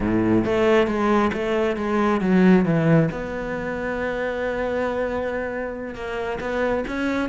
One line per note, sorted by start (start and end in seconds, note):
0.00 0.44 A2
0.44 0.87 A3
0.87 1.31 G#3
1.33 1.76 A3
1.76 2.20 G#3
2.21 2.65 F#3
2.65 3.09 E3
3.11 5.94 B3
5.94 6.39 A#3
6.40 6.84 B3
6.87 7.29 C#4